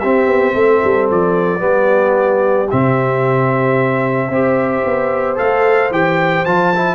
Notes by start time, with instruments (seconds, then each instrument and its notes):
0.00 tuba C4, trombone C4, horn G4, trumpet E5
0.27 tuba B3
0.54 tuba A3, horn A4
0.84 tuba G3
1.11 tuba F3, trumpet D5
1.59 tuba G3, trombone B3, horn G4
2.70 tuba C3, trombone C4, trumpet E5
4.30 tuba C4, trombone G4, horn C5
4.85 tuba B3
5.36 tuba A3, trombone A4, trumpet F5
5.91 tuba E3, trombone G4, trumpet G5
6.46 tuba F3, trombone F4, trumpet A5
6.76 trombone E4